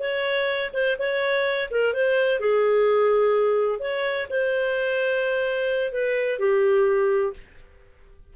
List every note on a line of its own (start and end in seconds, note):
0.00 0.71 C#5
0.74 0.97 C5
0.99 1.70 C#5
1.71 1.94 A#4
1.94 2.41 C5
2.41 3.80 G#4
3.80 4.27 C#5
4.30 5.93 C5
5.93 6.39 B4
6.39 7.34 G4